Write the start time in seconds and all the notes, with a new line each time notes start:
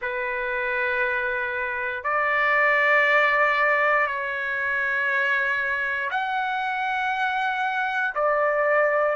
0.01 B4
2.03 D5
4.06 C#5
6.10 F#5
8.14 D5